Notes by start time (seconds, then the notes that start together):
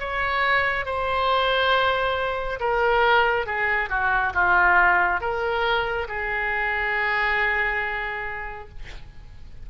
0.00 C#5
0.86 C5
2.60 A#4
3.47 G#4
3.90 F#4
4.34 F4
5.21 A#4
6.08 G#4